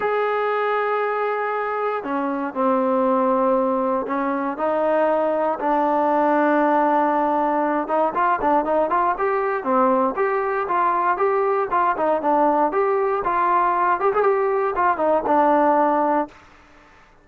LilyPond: \new Staff \with { instrumentName = "trombone" } { \time 4/4 \tempo 4 = 118 gis'1 | cis'4 c'2. | cis'4 dis'2 d'4~ | d'2.~ d'8 dis'8 |
f'8 d'8 dis'8 f'8 g'4 c'4 | g'4 f'4 g'4 f'8 dis'8 | d'4 g'4 f'4. g'16 gis'16 | g'4 f'8 dis'8 d'2 | }